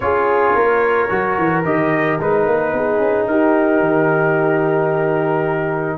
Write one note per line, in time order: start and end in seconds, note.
0.00 0.54 C#4
0.00 1.09 F4
0.00 0.56 G#4
0.00 1.63 C#5
0.54 1.09 A#3
0.54 2.74 A#4
1.09 1.38 F#3
1.09 1.63 F#4
1.38 1.64 E3
1.64 2.19 D#3
1.64 2.19 G4
1.64 2.19 D#5
2.19 2.46 G#3
2.19 5.97 D#4
2.19 3.27 B4
2.46 2.72 A#3
2.72 2.98 B3
2.72 3.30 G#4
2.98 3.26 C#4
3.26 3.79 D#4
3.26 5.97 G4
3.26 5.97 A#4
3.79 5.97 D#3